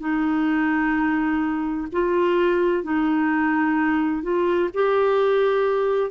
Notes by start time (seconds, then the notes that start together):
0.00 D#4
1.92 F4
2.84 D#4
4.23 F4
4.74 G4